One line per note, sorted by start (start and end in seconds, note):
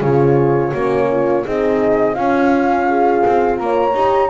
0.00 0.72 C#3
0.00 0.73 F4
0.00 0.69 G#4
0.00 1.46 C#5
0.69 1.45 A#3
0.69 1.44 C#4
0.69 1.05 F#4
1.10 1.45 F4
1.44 2.16 C4
1.44 2.16 D#4
1.44 2.14 G#4
1.44 2.14 D#5
2.14 3.23 C#4
2.14 2.87 C#4
2.14 3.93 F4
2.14 3.57 F5
2.87 3.59 G#4
3.26 3.60 C4
3.58 3.94 A#3
3.58 4.29 C#5
3.58 4.29 A#5
3.94 4.29 D#4
3.94 4.29 G4